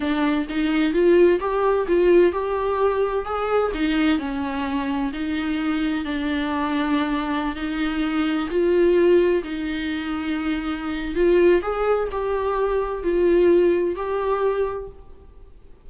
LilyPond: \new Staff \with { instrumentName = "viola" } { \time 4/4 \tempo 4 = 129 d'4 dis'4 f'4 g'4 | f'4 g'2 gis'4 | dis'4 cis'2 dis'4~ | dis'4 d'2.~ |
d'16 dis'2 f'4.~ f'16~ | f'16 dis'2.~ dis'8. | f'4 gis'4 g'2 | f'2 g'2 | }